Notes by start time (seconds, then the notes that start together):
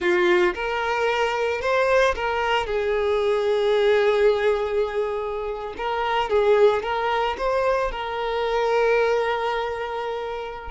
0.00 F4
0.54 A#4
1.61 C5
2.15 A#4
2.66 G#4
5.77 A#4
6.29 G#4
6.82 A#4
7.37 C5
7.91 A#4